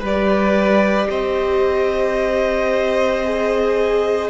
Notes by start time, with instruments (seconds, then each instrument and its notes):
0.00 cello G3, viola G4, violin B4 D5
1.09 cello C4, violin C5 D#5
3.24 viola G#4